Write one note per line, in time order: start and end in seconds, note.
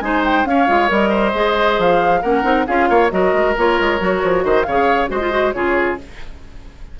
0.00 0.45 G#3
0.00 0.45 D#4
0.00 0.48 C5
0.00 0.22 G#5
0.24 0.46 G5
0.45 0.67 C#4
0.45 1.09 C#5
0.45 0.90 F5
0.67 0.90 G#3
0.67 0.88 F4
0.88 1.34 G3
0.88 1.32 A#4
0.88 1.80 D#5
1.09 2.19 C5
1.34 1.78 G#3
1.34 2.22 G#4
1.78 2.22 F3
1.78 2.22 F5
2.22 2.44 A#3
2.22 2.43 C#4
2.22 2.66 A#4
2.22 2.66 F#5
2.43 2.66 C4
2.43 2.65 D#4
2.66 2.89 C#4
2.66 3.10 F4
2.66 2.89 G#4
2.66 3.10 F5
2.89 3.11 A#3
2.89 3.12 C#5
3.10 3.33 F#3
3.10 3.55 F#4
3.10 4.44 A#4
3.10 3.55 D#5
3.33 3.55 G#3
3.58 3.80 A#3
3.58 3.99 F4
3.58 4.44 C#5
3.80 4.00 G#3
3.99 4.22 F#3
3.99 4.65 F#4
4.23 4.44 F3
4.44 4.66 D#3
4.44 4.66 C5
4.44 4.63 D#5
4.63 5.10 C#3
4.63 5.08 G#4
4.63 5.10 C#5
4.63 5.07 F5
5.08 5.54 G#3
5.08 5.19 F#4
5.08 5.54 C5
5.08 5.52 D#5
5.20 5.31 F4
5.31 5.53 F#4
5.52 5.98 C#3
5.52 5.98 F4
5.52 5.99 G#4
5.52 5.96 C#5